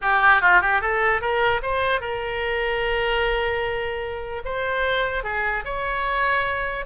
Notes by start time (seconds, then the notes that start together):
0.01 G4
0.41 F4
0.61 G4
0.81 A4
1.21 A#4
1.62 C5
2.00 A#4
4.44 C5
5.23 G#4
5.64 C#5